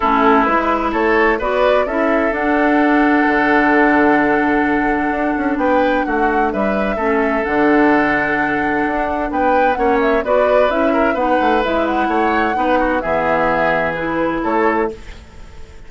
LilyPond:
<<
  \new Staff \with { instrumentName = "flute" } { \time 4/4 \tempo 4 = 129 a'4 b'4 cis''4 d''4 | e''4 fis''2.~ | fis''1 | g''4 fis''4 e''2 |
fis''1 | g''4 fis''8 e''8 d''4 e''4 | fis''4 e''8 fis''2~ fis''8 | e''2 b'4 cis''4 | }
  \new Staff \with { instrumentName = "oboe" } { \time 4/4 e'2 a'4 b'4 | a'1~ | a'1 | b'4 fis'4 b'4 a'4~ |
a'1 | b'4 cis''4 b'4. ais'8 | b'2 cis''4 b'8 fis'8 | gis'2. a'4 | }
  \new Staff \with { instrumentName = "clarinet" } { \time 4/4 cis'4 e'2 fis'4 | e'4 d'2.~ | d'1~ | d'2. cis'4 |
d'1~ | d'4 cis'4 fis'4 e'4 | dis'4 e'2 dis'4 | b2 e'2 | }
  \new Staff \with { instrumentName = "bassoon" } { \time 4/4 a4 gis4 a4 b4 | cis'4 d'2 d4~ | d2. d'8 cis'8 | b4 a4 g4 a4 |
d2. d'4 | b4 ais4 b4 cis'4 | b8 a8 gis4 a4 b4 | e2. a4 | }
>>